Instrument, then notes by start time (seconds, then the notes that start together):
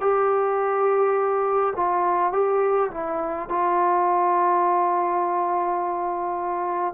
trombone
0.00 G4
1.76 F4
2.32 G4
2.91 E4
3.48 F4